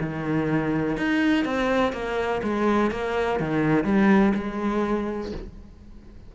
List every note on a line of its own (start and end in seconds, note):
0.00 0.97 D#3
0.97 1.45 D#4
1.45 1.92 C4
1.92 2.41 A#3
2.43 2.91 G#3
2.91 3.39 A#3
3.39 3.84 D#3
3.84 4.33 G3
4.35 5.32 G#3